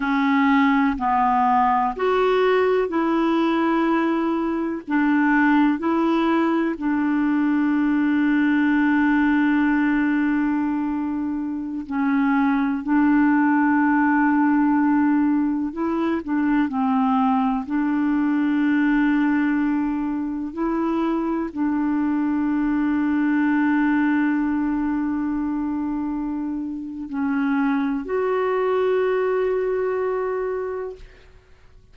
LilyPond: \new Staff \with { instrumentName = "clarinet" } { \time 4/4 \tempo 4 = 62 cis'4 b4 fis'4 e'4~ | e'4 d'4 e'4 d'4~ | d'1~ | d'16 cis'4 d'2~ d'8.~ |
d'16 e'8 d'8 c'4 d'4.~ d'16~ | d'4~ d'16 e'4 d'4.~ d'16~ | d'1 | cis'4 fis'2. | }